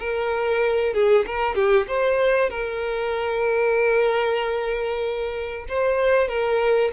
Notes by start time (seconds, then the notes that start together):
0.00 A#4
0.94 G#4
1.27 A#4
1.55 G4
1.88 C5
2.50 A#4
5.69 C5
6.28 A#4